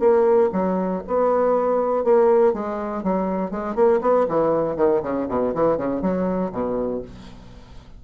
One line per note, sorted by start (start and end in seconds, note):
0.00 0.50 A#3
0.53 1.02 F#3
1.07 2.04 B3
2.04 2.53 A#3
2.53 3.03 G#3
3.03 3.51 F#3
3.51 3.75 G#3
3.75 4.00 A#3
4.01 4.26 B3
4.28 4.77 E3
4.77 5.02 D#3
5.02 5.27 C#3
5.29 5.54 B2
5.55 5.77 E3
5.77 6.02 C#3
6.02 6.52 F#3
6.52 7.02 B2